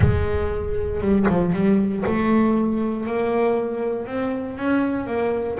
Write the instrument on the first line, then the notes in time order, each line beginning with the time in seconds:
double bass
0.00 G#3
1.00 G3
1.28 F3
1.53 G3
2.05 A3
3.06 A#3
4.06 C4
4.56 C#4
5.07 A#3